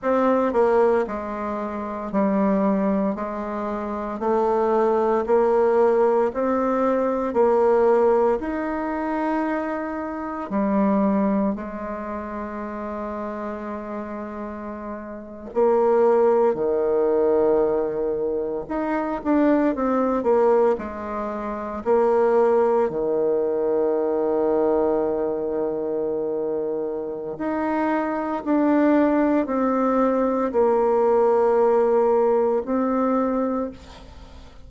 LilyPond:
\new Staff \with { instrumentName = "bassoon" } { \time 4/4 \tempo 4 = 57 c'8 ais8 gis4 g4 gis4 | a4 ais4 c'4 ais4 | dis'2 g4 gis4~ | gis2~ gis8. ais4 dis16~ |
dis4.~ dis16 dis'8 d'8 c'8 ais8 gis16~ | gis8. ais4 dis2~ dis16~ | dis2 dis'4 d'4 | c'4 ais2 c'4 | }